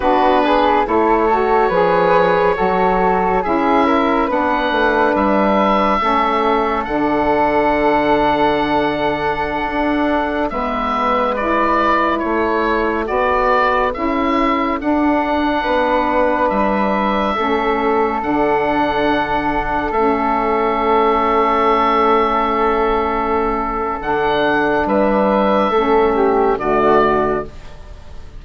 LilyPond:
<<
  \new Staff \with { instrumentName = "oboe" } { \time 4/4 \tempo 4 = 70 b'4 cis''2. | e''4 fis''4 e''2 | fis''1~ | fis''16 e''4 d''4 cis''4 d''8.~ |
d''16 e''4 fis''2 e''8.~ | e''4~ e''16 fis''2 e''8.~ | e''1 | fis''4 e''2 d''4 | }
  \new Staff \with { instrumentName = "flute" } { \time 4/4 fis'8 gis'8 a'4 b'4 a'4 | gis'8 ais'8 b'2 a'4~ | a'1~ | a'16 b'2 a'4.~ a'16~ |
a'2~ a'16 b'4.~ b'16~ | b'16 a'2.~ a'8.~ | a'1~ | a'4 b'4 a'8 g'8 fis'4 | }
  \new Staff \with { instrumentName = "saxophone" } { \time 4/4 d'4 e'8 fis'8 gis'4 fis'4 | e'4 d'2 cis'4 | d'1~ | d'16 b4 e'2 fis'8.~ |
fis'16 e'4 d'2~ d'8.~ | d'16 cis'4 d'2 cis'8.~ | cis'1 | d'2 cis'4 a4 | }
  \new Staff \with { instrumentName = "bassoon" } { \time 4/4 b4 a4 f4 fis4 | cis'4 b8 a8 g4 a4 | d2.~ d16 d'8.~ | d'16 gis2 a4 b8.~ |
b16 cis'4 d'4 b4 g8.~ | g16 a4 d2 a8.~ | a1 | d4 g4 a4 d4 | }
>>